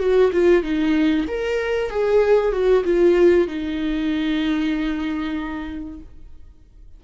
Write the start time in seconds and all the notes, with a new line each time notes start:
0.00 F#4
0.33 F4
0.63 D#4
1.28 A#4
1.91 G#4
2.53 F#4
2.84 F4
3.48 D#4